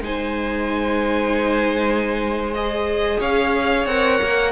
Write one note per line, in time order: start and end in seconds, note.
0.00 3.17 G#3
0.00 2.52 D#4
0.00 3.19 C5
0.00 2.53 G#5
2.53 3.88 G#4
2.53 3.20 D#5
3.19 3.85 C#4
3.19 4.52 C#5
3.19 3.86 F5
3.85 4.18 C4
3.85 4.52 A#4
3.85 4.52 F#5
4.23 4.52 A#3